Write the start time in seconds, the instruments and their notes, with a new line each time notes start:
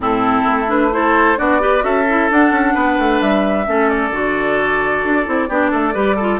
0.00 bassoon A2, clarinet C4, oboe E4, flute A4
0.47 bassoon A3
0.67 clarinet D4, flute B4
0.91 clarinet E4, oboe A4, flute C5
1.37 bassoon B3, clarinet D4, oboe F#4, flute D5
1.60 clarinet G4, oboe B4
1.80 bassoon C#4, clarinet F#4, oboe A4, flute E5
2.09 clarinet E4
2.30 clarinet D4, bassoon D4, flute F#5
2.51 bassoon C#4
2.73 bassoon B3, oboe B4
2.98 bassoon A3
3.21 bassoon G3, flute E5
3.65 bassoon A3, clarinet C#4, oboe A4
3.89 flute D5
4.10 bassoon D3, clarinet F#4
5.04 bassoon D4
5.25 bassoon C4, clarinet E4
5.48 bassoon B3, clarinet D4, oboe G4
5.70 bassoon A3, oboe A4
5.93 bassoon G3, clarinet G4, oboe B4
6.16 clarinet F4, oboe A4